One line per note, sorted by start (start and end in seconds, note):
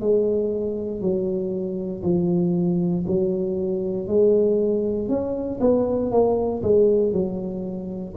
0.00 1.00 G#3
1.00 2.02 F#3
2.03 3.05 F3
3.07 4.07 F#3
4.07 5.08 G#3
5.08 5.59 C#4
5.60 6.11 B3
6.11 6.62 A#3
6.62 7.12 G#3
7.12 8.14 F#3